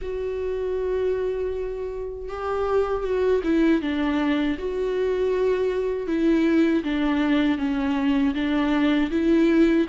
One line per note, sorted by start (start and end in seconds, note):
0.01 2.29 F#4
2.29 3.03 G4
3.03 3.41 F#4
3.43 3.81 E4
3.81 4.57 D4
4.58 6.07 F#4
6.07 6.83 E4
6.83 7.58 D4
7.58 8.34 C#4
8.34 9.10 D4
9.10 9.86 E4